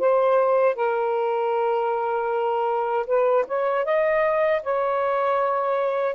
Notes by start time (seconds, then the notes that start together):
0.00 C5
0.76 A#4
3.07 B4
3.48 C#5
3.85 D#5
4.63 C#5